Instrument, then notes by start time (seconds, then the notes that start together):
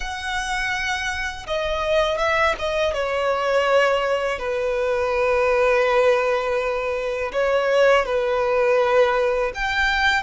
violin
0.00 F#5
1.46 D#5
2.18 E5
2.58 D#5
2.93 C#5
4.38 B4
7.32 C#5
8.05 B4
9.54 G5